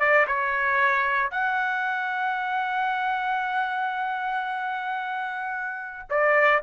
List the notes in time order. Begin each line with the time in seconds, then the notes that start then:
0.00 D5
0.28 C#5
1.31 F#5
6.10 D5